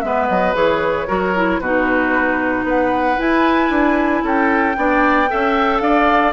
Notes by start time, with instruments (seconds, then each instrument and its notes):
0.00 bassoon G#3, clarinet B3, oboe B4, flute E5
0.28 bassoon F#3, flute D#5
0.54 bassoon E3, clarinet G#4, flute C#5
1.07 bassoon F#3, clarinet F#4, oboe A#4
1.35 clarinet E4
1.60 bassoon B2, clarinet D#4, oboe F#4, flute B4
2.64 bassoon B3, oboe B4, flute F#5
3.17 clarinet E4, bassoon E4, flute G#5
3.70 bassoon D4
4.23 bassoon C#4, oboe A4, flute G5
4.75 bassoon B3, clarinet D4, oboe D5
5.29 bassoon C#4, clarinet A4, oboe E5
5.79 bassoon D4, oboe D5, flute F5